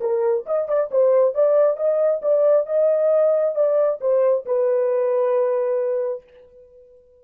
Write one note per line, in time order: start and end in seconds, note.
0.00 0.44 A#4
0.46 0.68 D#5
0.68 0.90 D5
0.91 1.34 C5
1.34 1.77 D5
1.77 2.21 D#5
2.22 2.66 D5
2.66 3.55 D#5
3.55 3.99 D5
4.01 4.45 C5
4.46 6.23 B4